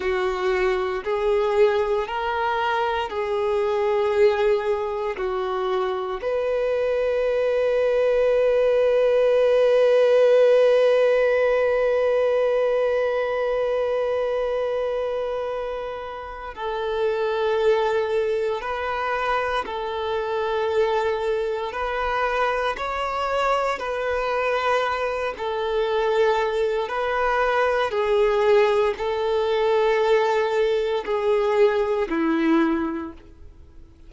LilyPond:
\new Staff \with { instrumentName = "violin" } { \time 4/4 \tempo 4 = 58 fis'4 gis'4 ais'4 gis'4~ | gis'4 fis'4 b'2~ | b'1~ | b'1 |
a'2 b'4 a'4~ | a'4 b'4 cis''4 b'4~ | b'8 a'4. b'4 gis'4 | a'2 gis'4 e'4 | }